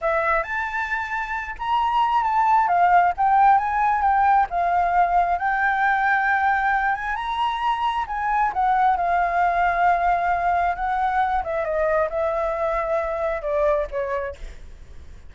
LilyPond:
\new Staff \with { instrumentName = "flute" } { \time 4/4 \tempo 4 = 134 e''4 a''2~ a''8 ais''8~ | ais''4 a''4 f''4 g''4 | gis''4 g''4 f''2 | g''2.~ g''8 gis''8 |
ais''2 gis''4 fis''4 | f''1 | fis''4. e''8 dis''4 e''4~ | e''2 d''4 cis''4 | }